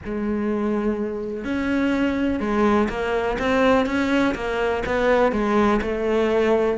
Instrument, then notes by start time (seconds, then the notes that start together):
cello
0.04 G#3
1.44 C#4
2.40 G#3
2.89 A#3
3.38 C4
3.86 C#4
4.34 A#3
4.85 B3
5.32 G#3
5.81 A3